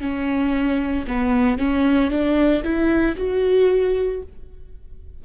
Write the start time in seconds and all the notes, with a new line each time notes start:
0.00 C#4
1.07 B3
1.58 C#4
2.10 D4
2.63 E4
3.16 F#4